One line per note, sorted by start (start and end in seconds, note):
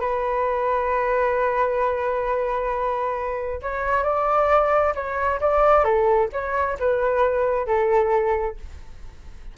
0.00 3.61 B4
3.62 4.03 C#5
4.03 4.93 D5
4.95 5.40 C#5
5.40 5.84 D5
5.84 6.29 A4
6.32 6.78 C#5
6.79 7.66 B4
7.66 8.56 A4